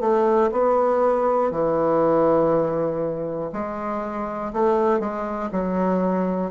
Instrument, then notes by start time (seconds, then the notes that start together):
bassoon
0.00 A3
0.52 B3
1.51 E3
3.52 G#3
4.53 A3
5.00 G#3
5.52 F#3